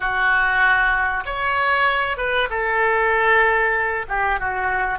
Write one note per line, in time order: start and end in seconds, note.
0.00 1.24 F#4
1.25 2.17 C#5
2.17 2.48 B4
2.49 4.06 A4
4.08 4.39 G4
4.39 4.98 F#4